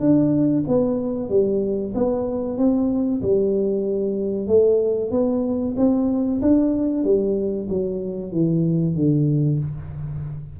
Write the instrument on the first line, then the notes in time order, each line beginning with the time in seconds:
tuba
0.00 D4
0.68 B3
1.29 G3
1.94 B3
2.58 C4
3.22 G3
4.47 A3
5.11 B3
5.77 C4
6.42 D4
7.04 G3
7.69 F#3
8.32 E3
8.95 D3